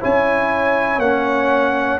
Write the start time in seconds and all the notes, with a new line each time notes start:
0.00 C#4 E4 C#5 G#5
0.98 A#3 C#4 F#5